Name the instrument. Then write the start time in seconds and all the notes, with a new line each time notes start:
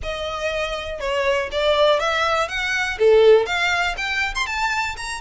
violin
0.02 D#5
1.00 C#5
1.51 D5
1.99 E5
2.48 F#5
2.98 A4
3.46 F5
3.97 G5
4.34 C6
4.46 A5
4.97 A#5